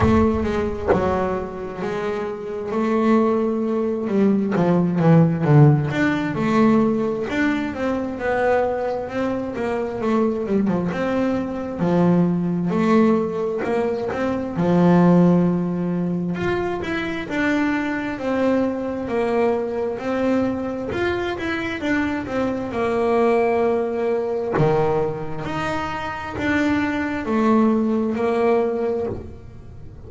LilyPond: \new Staff \with { instrumentName = "double bass" } { \time 4/4 \tempo 4 = 66 a8 gis8 fis4 gis4 a4~ | a8 g8 f8 e8 d8 d'8 a4 | d'8 c'8 b4 c'8 ais8 a8 g16 f16 | c'4 f4 a4 ais8 c'8 |
f2 f'8 e'8 d'4 | c'4 ais4 c'4 f'8 e'8 | d'8 c'8 ais2 dis4 | dis'4 d'4 a4 ais4 | }